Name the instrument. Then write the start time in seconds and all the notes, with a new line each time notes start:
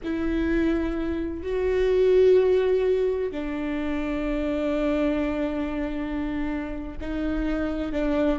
viola
0.03 E4
1.42 F#4
3.31 D4
7.00 D#4
7.92 D4